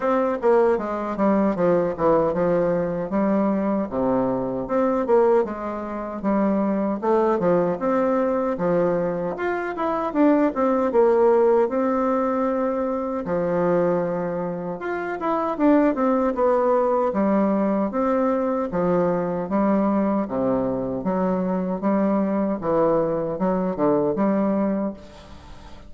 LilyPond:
\new Staff \with { instrumentName = "bassoon" } { \time 4/4 \tempo 4 = 77 c'8 ais8 gis8 g8 f8 e8 f4 | g4 c4 c'8 ais8 gis4 | g4 a8 f8 c'4 f4 | f'8 e'8 d'8 c'8 ais4 c'4~ |
c'4 f2 f'8 e'8 | d'8 c'8 b4 g4 c'4 | f4 g4 c4 fis4 | g4 e4 fis8 d8 g4 | }